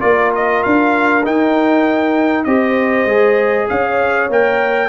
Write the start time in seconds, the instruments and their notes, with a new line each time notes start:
0.00 tuba A#3, trombone F4, horn A#4, trumpet D5
0.35 trumpet D#5
0.63 tuba D4, trumpet F5
1.24 trombone D#4, tuba D#4, trumpet G5
2.44 tuba C4, trombone G4, horn C5, trumpet D#5
3.06 tuba G#3, trombone G#4
3.69 tuba C#4, horn C#5, trumpet F5
4.30 tuba A#3, trombone A#4, trumpet G5